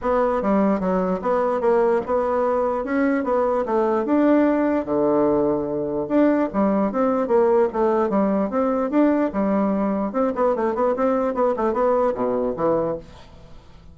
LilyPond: \new Staff \with { instrumentName = "bassoon" } { \time 4/4 \tempo 4 = 148 b4 g4 fis4 b4 | ais4 b2 cis'4 | b4 a4 d'2 | d2. d'4 |
g4 c'4 ais4 a4 | g4 c'4 d'4 g4~ | g4 c'8 b8 a8 b8 c'4 | b8 a8 b4 b,4 e4 | }